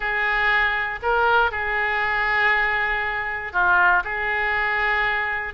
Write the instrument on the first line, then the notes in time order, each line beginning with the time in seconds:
oboe
0.00 G#4
1.02 A#4
1.51 G#4
3.52 F4
4.04 G#4